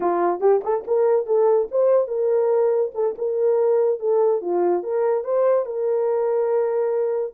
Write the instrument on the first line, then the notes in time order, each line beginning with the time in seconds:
horn
0.00 F4
0.40 G4
0.64 A4
0.87 A#4
1.26 A4
1.71 C5
2.07 A#4
2.94 A4
3.18 A#4
3.99 A4
4.41 F4
4.83 A#4
5.24 C5
5.65 A#4